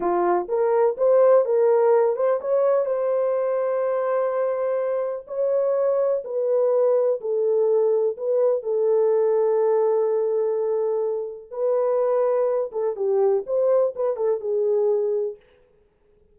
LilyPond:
\new Staff \with { instrumentName = "horn" } { \time 4/4 \tempo 4 = 125 f'4 ais'4 c''4 ais'4~ | ais'8 c''8 cis''4 c''2~ | c''2. cis''4~ | cis''4 b'2 a'4~ |
a'4 b'4 a'2~ | a'1 | b'2~ b'8 a'8 g'4 | c''4 b'8 a'8 gis'2 | }